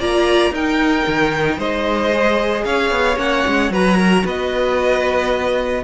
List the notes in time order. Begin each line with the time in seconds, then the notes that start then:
0.00 A#3 F4 D5 A#5
0.52 D#4 A#4 G5
1.08 D#3
1.58 G#3 C5 D#5
2.13 G#4
2.65 C#4 C#5 F5
2.91 B3
3.17 A#3 C#4 F#5
3.47 G#3
3.71 F#3 F#4 B4 A#5
3.98 A#4
4.25 B3 B4 D#5